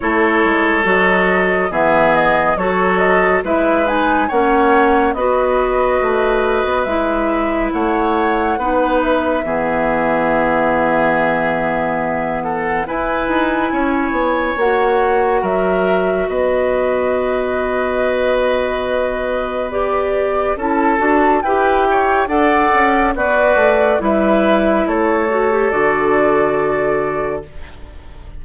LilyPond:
<<
  \new Staff \with { instrumentName = "flute" } { \time 4/4 \tempo 4 = 70 cis''4 dis''4 e''8 dis''8 cis''8 dis''8 | e''8 gis''8 fis''4 dis''2 | e''4 fis''4. e''4.~ | e''2~ e''8 fis''8 gis''4~ |
gis''4 fis''4 e''4 dis''4~ | dis''2. d''4 | a''4 g''4 fis''4 d''4 | e''4 cis''4 d''2 | }
  \new Staff \with { instrumentName = "oboe" } { \time 4/4 a'2 gis'4 a'4 | b'4 cis''4 b'2~ | b'4 cis''4 b'4 gis'4~ | gis'2~ gis'8 a'8 b'4 |
cis''2 ais'4 b'4~ | b'1 | a'4 b'8 cis''8 d''4 fis'4 | b'4 a'2. | }
  \new Staff \with { instrumentName = "clarinet" } { \time 4/4 e'4 fis'4 b4 fis'4 | e'8 dis'8 cis'4 fis'2 | e'2 dis'4 b4~ | b2. e'4~ |
e'4 fis'2.~ | fis'2. g'4 | e'8 fis'8 g'4 a'4 b'4 | e'4. fis'16 g'16 fis'2 | }
  \new Staff \with { instrumentName = "bassoon" } { \time 4/4 a8 gis8 fis4 e4 fis4 | gis4 ais4 b4 a8. b16 | gis4 a4 b4 e4~ | e2. e'8 dis'8 |
cis'8 b8 ais4 fis4 b4~ | b1 | cis'8 d'8 e'4 d'8 cis'8 b8 a8 | g4 a4 d2 | }
>>